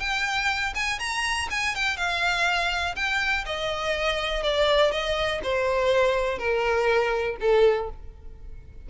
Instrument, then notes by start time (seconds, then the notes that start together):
violin
0.00 G5
0.75 G#5
1.00 A#5
1.51 G#5
1.76 G5
1.97 F5
2.96 G5
3.46 D#5
4.43 D5
4.92 D#5
5.44 C5
6.39 A#4
7.41 A4